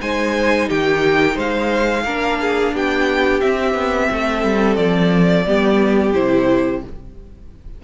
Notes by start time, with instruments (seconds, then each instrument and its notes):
0.00 cello G#3, viola D#4, violin C5 G#5
0.69 cello D#3, violin G4 G5
1.35 cello G#3, violin C5 F5
2.05 cello A#3, viola D4, violin A#4
2.41 violin G#4
2.73 cello B3, violin G4 G5
3.41 viola C4, cello C4, violin E5
3.74 cello B3
4.11 cello A3, violin A4
4.44 cello G3
4.76 cello F3, violin D5
5.47 cello G3, viola B3, violin G4
6.14 cello C3, viola E4, violin C5